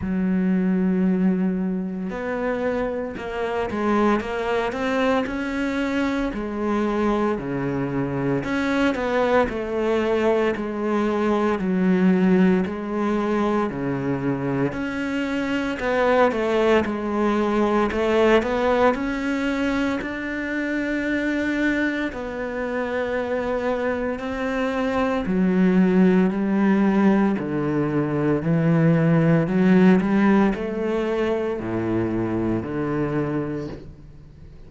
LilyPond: \new Staff \with { instrumentName = "cello" } { \time 4/4 \tempo 4 = 57 fis2 b4 ais8 gis8 | ais8 c'8 cis'4 gis4 cis4 | cis'8 b8 a4 gis4 fis4 | gis4 cis4 cis'4 b8 a8 |
gis4 a8 b8 cis'4 d'4~ | d'4 b2 c'4 | fis4 g4 d4 e4 | fis8 g8 a4 a,4 d4 | }